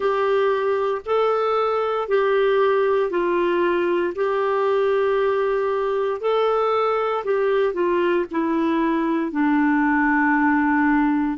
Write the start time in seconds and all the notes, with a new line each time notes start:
0.00 G4
1.05 A4
2.08 G4
3.10 F4
4.15 G4
6.20 A4
7.24 G4
7.73 F4
8.31 E4
9.31 D4